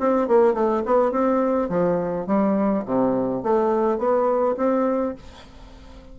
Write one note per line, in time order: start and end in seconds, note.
0.00 0.28 C4
0.28 0.54 A#3
0.54 0.83 A3
0.86 1.11 B3
1.11 1.69 C4
1.69 2.27 F3
2.27 2.85 G3
2.86 3.43 C3
3.43 3.98 A3
3.98 4.56 B3
4.57 5.15 C4